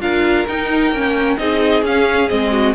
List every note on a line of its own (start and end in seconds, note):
0.00 0.46 D4
0.00 0.46 F4
0.00 1.39 A#4
0.00 0.46 F5
0.47 0.91 D#4
0.47 0.94 D#4
0.47 1.37 G5
0.91 1.37 A#3
0.91 1.38 C#4
1.37 1.82 C4
1.37 1.83 D#4
1.37 2.52 G#4
1.37 1.83 D#5
1.82 2.28 C#4
1.82 2.29 F5
2.28 2.74 G#3
2.28 2.74 C4
2.28 2.74 D#5
2.52 2.74 F#4